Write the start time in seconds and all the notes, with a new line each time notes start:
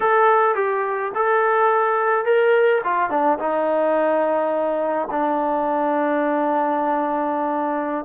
0.00 A4
0.55 G4
1.14 A4
2.25 A#4
2.84 F4
3.10 D4
3.38 D#4
5.10 D4